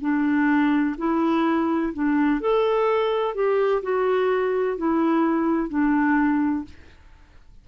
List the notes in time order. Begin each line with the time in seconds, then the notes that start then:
0.00 D4
0.97 E4
1.93 D4
2.40 A4
3.34 G4
3.82 F#4
4.77 E4
5.69 D4